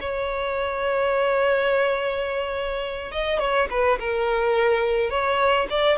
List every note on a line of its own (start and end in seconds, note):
0.00 3.11 C#5
3.11 3.39 D#5
3.39 3.68 C#5
3.70 3.99 B4
3.99 5.10 A#4
5.10 5.67 C#5
5.70 5.98 D5